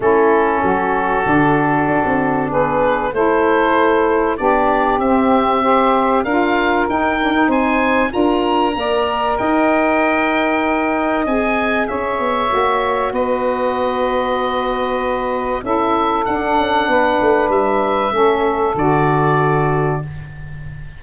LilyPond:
<<
  \new Staff \with { instrumentName = "oboe" } { \time 4/4 \tempo 4 = 96 a'1 | b'4 c''2 d''4 | e''2 f''4 g''4 | gis''4 ais''2 g''4~ |
g''2 gis''4 e''4~ | e''4 dis''2.~ | dis''4 e''4 fis''2 | e''2 d''2 | }
  \new Staff \with { instrumentName = "saxophone" } { \time 4/4 e'4 fis'2. | gis'4 a'2 g'4~ | g'4 c''4 ais'2 | c''4 ais'4 d''4 dis''4~ |
dis''2. cis''4~ | cis''4 b'2.~ | b'4 a'2 b'4~ | b'4 a'2. | }
  \new Staff \with { instrumentName = "saxophone" } { \time 4/4 cis'2 d'2~ | d'4 e'2 d'4 | c'4 g'4 f'4 dis'8 d'16 dis'16~ | dis'4 f'4 ais'2~ |
ais'2 gis'2 | fis'1~ | fis'4 e'4 d'2~ | d'4 cis'4 fis'2 | }
  \new Staff \with { instrumentName = "tuba" } { \time 4/4 a4 fis4 d4 d'16 c'8. | b4 a2 b4 | c'2 d'4 dis'4 | c'4 d'4 ais4 dis'4~ |
dis'2 c'4 cis'8 b8 | ais4 b2.~ | b4 cis'4 d'8 cis'8 b8 a8 | g4 a4 d2 | }
>>